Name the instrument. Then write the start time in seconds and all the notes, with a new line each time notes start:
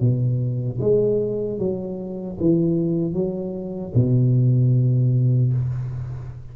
tuba
0.00 B2
0.81 G#3
1.59 F#3
2.40 E3
3.14 F#3
3.95 B2